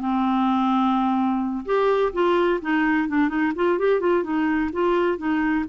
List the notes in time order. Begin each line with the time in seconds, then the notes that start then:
0.00 C4
1.66 G4
2.13 F4
2.61 D#4
3.08 D4
3.29 D#4
3.55 F4
3.79 G4
4.00 F4
4.23 D#4
4.73 F4
5.18 D#4